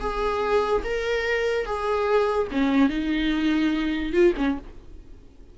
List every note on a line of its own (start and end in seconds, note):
0.00 0.82 G#4
0.84 1.66 A#4
1.66 2.48 G#4
2.52 2.89 C#4
2.89 4.13 D#4
4.13 4.33 F4
4.37 4.58 C#4